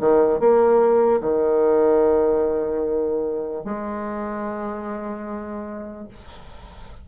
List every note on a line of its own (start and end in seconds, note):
0.00 0.39 D#3
0.39 1.21 A#3
1.21 3.64 D#3
3.64 6.08 G#3